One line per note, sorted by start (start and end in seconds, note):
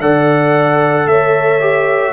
0.00 1.06 D3
0.00 1.61 A4
0.00 1.08 D5
0.00 1.08 F#5
1.06 2.13 A3
1.06 2.13 C#5
1.06 2.13 E5
1.61 2.13 G4